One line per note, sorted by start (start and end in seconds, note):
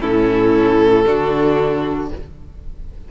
0.00 1.06 A2
0.00 1.03 C#4
0.00 1.04 E4
0.00 2.08 A4
1.06 2.11 D3
1.06 2.09 D4
1.06 2.10 F#4